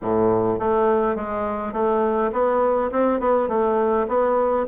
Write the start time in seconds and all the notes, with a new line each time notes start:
0.01 A2
0.59 A3
1.15 G#3
1.73 A3
2.32 B3
2.91 C4
3.20 B3
3.48 A3
4.08 B3